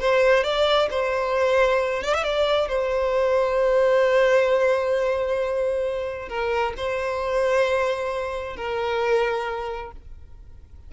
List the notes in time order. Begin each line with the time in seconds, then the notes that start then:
0.00 C5
0.44 D5
0.90 C5
2.03 D5
2.14 E5
2.24 D5
2.68 C5
6.29 A#4
6.77 C5
8.56 A#4